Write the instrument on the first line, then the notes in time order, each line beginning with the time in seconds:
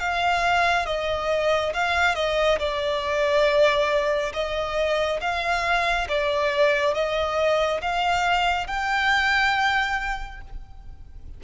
violin
0.00 F5
0.86 D#5
1.74 F5
2.15 D#5
2.59 D5
4.34 D#5
5.21 F5
6.09 D5
6.94 D#5
7.82 F5
8.68 G5